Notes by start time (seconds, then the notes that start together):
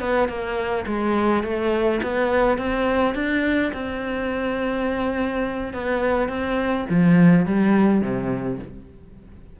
0.00 B3
0.28 A#3
0.87 G#3
1.43 A3
2.02 B3
2.58 C4
3.15 D4
3.74 C4
5.73 B3
6.29 C4
6.89 F3
7.46 G3
8.01 C3